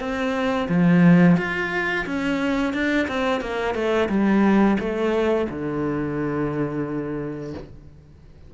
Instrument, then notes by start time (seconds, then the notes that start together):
cello
0.00 C4
0.69 F3
1.38 F4
2.06 C#4
2.74 D4
3.08 C4
3.41 A#3
3.75 A3
4.09 G3
4.80 A3
5.50 D3